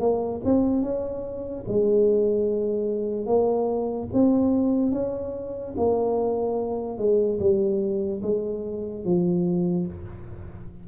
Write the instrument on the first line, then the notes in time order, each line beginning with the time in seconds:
tuba
0.00 A#3
0.45 C4
0.83 C#4
1.68 G#3
3.26 A#3
4.13 C4
4.92 C#4
5.77 A#3
6.98 G#3
7.39 G3
8.23 G#3
9.05 F3